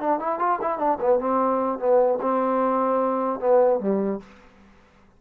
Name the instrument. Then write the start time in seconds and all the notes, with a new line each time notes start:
trombone
0.00 D4
0.19 E4
0.39 F4
0.61 E4
0.78 D4
1.00 B3
1.19 C4
1.79 B3
2.22 C4
3.40 B3
3.80 G3